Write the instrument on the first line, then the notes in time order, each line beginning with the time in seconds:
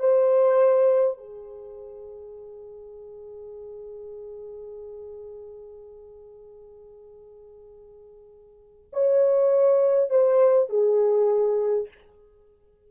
horn
0.00 C5
1.18 G#4
8.93 C#5
10.10 C5
10.70 G#4